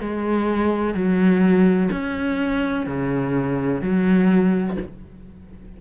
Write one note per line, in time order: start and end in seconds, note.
0.00 0.94 G#3
0.94 1.89 F#3
1.91 2.86 C#4
2.86 3.81 C#3
3.81 4.77 F#3